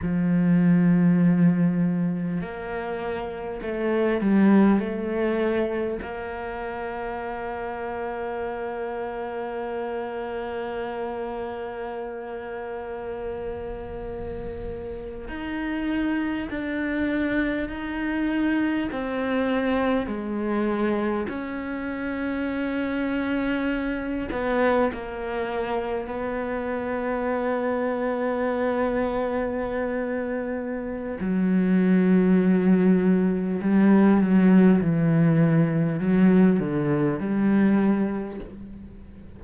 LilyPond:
\new Staff \with { instrumentName = "cello" } { \time 4/4 \tempo 4 = 50 f2 ais4 a8 g8 | a4 ais2.~ | ais1~ | ais8. dis'4 d'4 dis'4 c'16~ |
c'8. gis4 cis'2~ cis'16~ | cis'16 b8 ais4 b2~ b16~ | b2 fis2 | g8 fis8 e4 fis8 d8 g4 | }